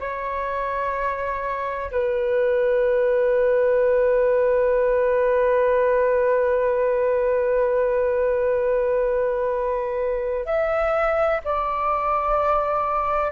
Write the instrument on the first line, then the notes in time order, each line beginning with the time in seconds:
flute
0.00 C#5
1.91 B4
10.45 E5
11.44 D5